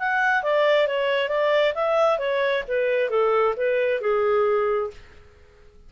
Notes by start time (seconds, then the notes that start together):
0.00 F#5
0.43 D5
0.88 C#5
1.29 D5
1.75 E5
2.19 C#5
2.68 B4
3.10 A4
3.57 B4
4.01 G#4